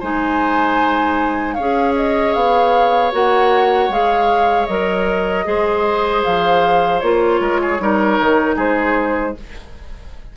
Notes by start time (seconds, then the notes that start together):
0.00 G#3 D#4 C5 G#5
1.54 C#4 C#5 F5
1.60 G#4
1.96 D#5
2.34 B3 F5
3.12 A#3 F#4 F#5
3.89 G#3 G#4 F5
4.66 F#3 A#4 D#5
5.45 G#3 G#4 C5
6.24 F3 F5
7.00 A#3 F4 C#5
7.40 G#3 A#4
7.62 G#4
7.79 G3 D#4 A#4
8.20 D#3
8.56 G#3 G#4 C5